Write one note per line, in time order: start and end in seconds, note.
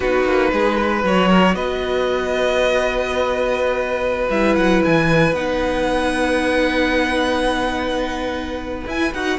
0.00 0.25 B3
0.00 1.04 D#4
0.00 0.51 F#4
0.00 1.04 B4
0.25 0.51 A#3
0.52 1.03 G#3
0.52 0.76 G#4
0.76 1.28 B4
1.03 1.54 F#3
1.03 4.30 F#4
1.03 1.55 C#5
1.28 1.54 A#4
1.54 4.28 B3
1.54 9.38 B4
1.54 4.29 D#5
4.29 4.56 G3
4.29 5.34 E4
4.29 4.55 E5
4.55 4.82 F#3
4.55 4.81 F#5
4.84 5.32 E3
4.84 5.35 G#5
5.32 8.84 B3
5.32 8.86 D#4
5.32 8.87 F#5
8.86 9.12 E4
8.86 9.13 G#5
9.12 9.38 D#4
9.12 9.39 F#4
9.12 9.39 F#5